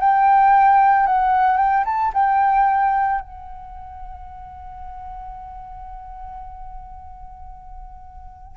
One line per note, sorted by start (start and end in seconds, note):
0.00 1.07 G5
1.07 1.57 F#5
1.57 1.84 G5
1.86 2.12 A5
2.14 3.21 G5
3.21 8.57 F#5